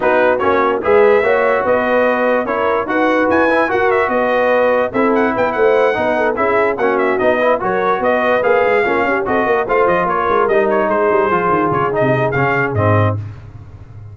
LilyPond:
<<
  \new Staff \with { instrumentName = "trumpet" } { \time 4/4 \tempo 4 = 146 b'4 cis''4 e''2 | dis''2 cis''4 fis''4 | gis''4 fis''8 e''8 dis''2 | e''8 fis''8 g''8 fis''2 e''8~ |
e''8 fis''8 e''8 dis''4 cis''4 dis''8~ | dis''8 f''2 dis''4 f''8 | dis''8 cis''4 dis''8 cis''8 c''4.~ | c''8 cis''8 dis''4 f''4 dis''4 | }
  \new Staff \with { instrumentName = "horn" } { \time 4/4 fis'2 b'4 cis''4 | b'2 ais'4 b'4~ | b'4 ais'4 b'2 | a'4 b'8 c''4 b'8 a'8 gis'8~ |
gis'8 fis'4. b'8 ais'4 b'8~ | b'4. f'8 g'8 a'8 ais'8 c''8~ | c''8 ais'2 gis'4.~ | gis'1 | }
  \new Staff \with { instrumentName = "trombone" } { \time 4/4 dis'4 cis'4 gis'4 fis'4~ | fis'2 e'4 fis'4~ | fis'8 e'8 fis'2. | e'2~ e'8 dis'4 e'8~ |
e'8 cis'4 dis'8 e'8 fis'4.~ | fis'8 gis'4 cis'4 fis'4 f'8~ | f'4. dis'2 f'8~ | f'4 dis'4 cis'4 c'4 | }
  \new Staff \with { instrumentName = "tuba" } { \time 4/4 b4 ais4 gis4 ais4 | b2 cis'4 dis'4 | e'4 fis'4 b2 | c'4 b8 a4 b4 cis'8~ |
cis'8 ais4 b4 fis4 b8~ | b8 ais8 gis8 ais8 cis'8 c'8 ais8 a8 | f8 ais8 gis8 g4 gis8 g8 f8 | dis8 cis8. c8. cis4 gis,4 | }
>>